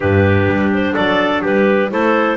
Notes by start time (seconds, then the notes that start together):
0.00 G2 D4 G4 B4
0.47 G3
0.74 C5
0.94 F#3 A4 D5
1.42 G3 G4 B4
1.89 A3 E4 A4 C5